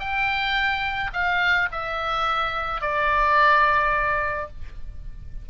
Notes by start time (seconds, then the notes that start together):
0.00 G5
1.13 F5
1.72 E5
2.82 D5